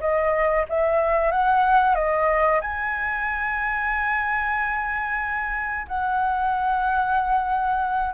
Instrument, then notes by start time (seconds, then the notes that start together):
flute
0.00 D#5
0.69 E5
1.31 F#5
1.95 D#5
2.61 G#5
5.88 F#5